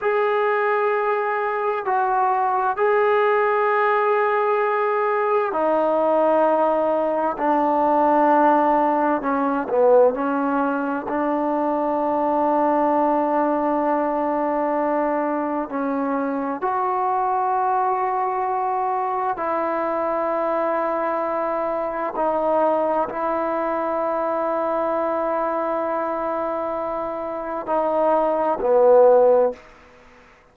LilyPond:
\new Staff \with { instrumentName = "trombone" } { \time 4/4 \tempo 4 = 65 gis'2 fis'4 gis'4~ | gis'2 dis'2 | d'2 cis'8 b8 cis'4 | d'1~ |
d'4 cis'4 fis'2~ | fis'4 e'2. | dis'4 e'2.~ | e'2 dis'4 b4 | }